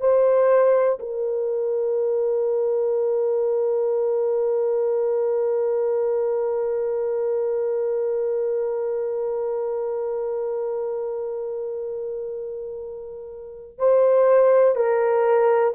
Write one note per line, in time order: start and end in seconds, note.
0.00 0.98 C5
0.99 13.78 A#4
13.78 14.75 C5
14.75 15.74 A#4